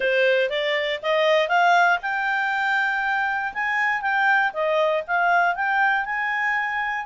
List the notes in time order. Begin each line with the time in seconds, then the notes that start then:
0.00 C5
0.49 D5
1.02 D#5
1.48 F5
2.02 G5
3.53 G#5
4.01 G5
4.53 D#5
5.07 F5
5.55 G5
6.05 G#5